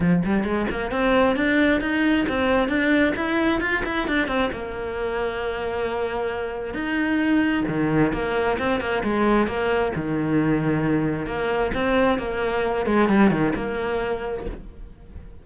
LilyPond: \new Staff \with { instrumentName = "cello" } { \time 4/4 \tempo 4 = 133 f8 g8 gis8 ais8 c'4 d'4 | dis'4 c'4 d'4 e'4 | f'8 e'8 d'8 c'8 ais2~ | ais2. dis'4~ |
dis'4 dis4 ais4 c'8 ais8 | gis4 ais4 dis2~ | dis4 ais4 c'4 ais4~ | ais8 gis8 g8 dis8 ais2 | }